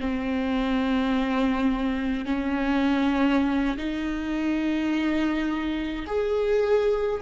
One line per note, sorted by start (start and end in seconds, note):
0.00 2.25 C4
2.25 3.77 C#4
3.77 6.05 D#4
6.06 7.20 G#4